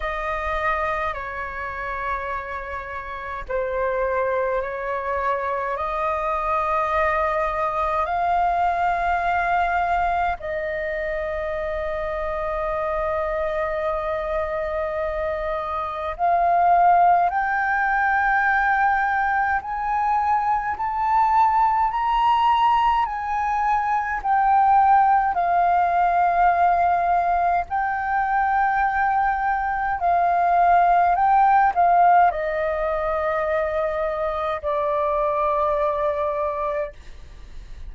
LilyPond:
\new Staff \with { instrumentName = "flute" } { \time 4/4 \tempo 4 = 52 dis''4 cis''2 c''4 | cis''4 dis''2 f''4~ | f''4 dis''2.~ | dis''2 f''4 g''4~ |
g''4 gis''4 a''4 ais''4 | gis''4 g''4 f''2 | g''2 f''4 g''8 f''8 | dis''2 d''2 | }